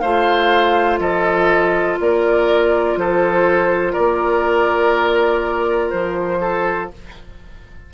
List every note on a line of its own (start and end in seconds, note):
0.00 1.00 A3
0.00 6.94 F4
0.00 1.00 C5
0.00 0.98 F5
0.99 1.98 F3
0.99 1.99 A4
0.99 1.98 D#5
2.00 2.97 A#3
2.00 3.00 A#4
2.00 2.99 D5
2.97 3.95 F3
2.97 3.93 A4
2.97 3.93 C5
3.93 5.93 A#3
3.93 6.39 A#4
3.93 5.90 D5
5.90 6.91 F3
5.90 6.89 C5
6.41 6.90 A4